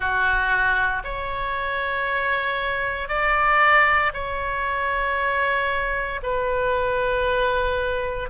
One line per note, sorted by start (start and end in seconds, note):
0.00 1.03 F#4
1.03 3.08 C#5
3.08 4.11 D5
4.13 6.20 C#5
6.23 8.29 B4